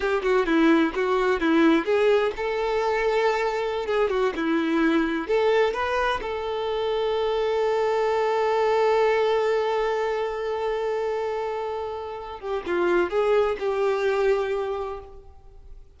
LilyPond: \new Staff \with { instrumentName = "violin" } { \time 4/4 \tempo 4 = 128 g'8 fis'8 e'4 fis'4 e'4 | gis'4 a'2.~ | a'16 gis'8 fis'8 e'2 a'8.~ | a'16 b'4 a'2~ a'8.~ |
a'1~ | a'1~ | a'2~ a'8 g'8 f'4 | gis'4 g'2. | }